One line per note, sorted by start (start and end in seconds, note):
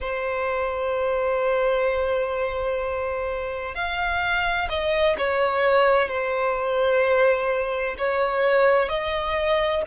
0.00 3.75 C5
3.75 4.68 F5
4.69 5.16 D#5
5.18 6.08 C#5
6.08 7.95 C5
7.97 8.88 C#5
8.88 9.82 D#5